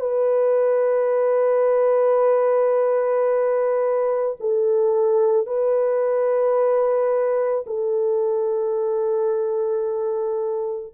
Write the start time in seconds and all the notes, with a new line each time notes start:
0.00 B4
4.40 A4
5.46 B4
7.66 A4